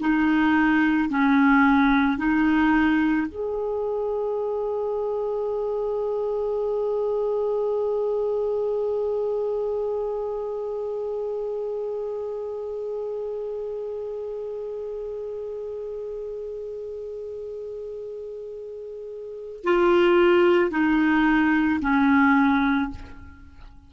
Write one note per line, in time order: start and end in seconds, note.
0.00 1.09 D#4
1.09 2.17 C#4
2.17 3.26 D#4
3.28 19.64 G#4
19.64 20.70 F4
20.70 21.79 D#4
21.81 22.90 C#4